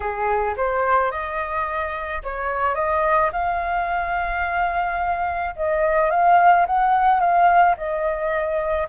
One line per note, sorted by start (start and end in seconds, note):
0.00 0.54 G#4
0.57 1.11 C5
1.11 2.22 D#5
2.23 2.74 C#5
2.74 3.30 D#5
3.32 5.54 F5
5.56 6.10 D#5
6.10 6.66 F5
6.66 7.19 F#5
7.19 7.75 F5
7.77 8.88 D#5